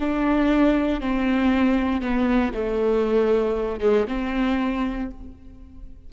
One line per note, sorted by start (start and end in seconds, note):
0.00 1.01 D4
1.01 2.02 C4
2.02 2.53 B3
2.54 3.80 A3
3.80 4.06 G#3
4.08 5.10 C4